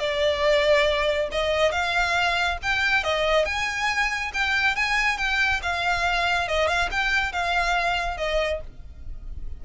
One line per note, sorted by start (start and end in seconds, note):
0.00 1.29 D5
1.32 1.72 D#5
1.72 2.58 F5
2.63 3.04 G5
3.04 3.46 D#5
3.46 4.32 G#5
4.34 4.76 G5
4.76 5.18 G#5
5.18 5.61 G5
5.63 6.48 F5
6.48 6.68 D#5
6.68 6.89 F5
6.91 7.33 G5
7.33 8.18 F5
8.18 8.61 D#5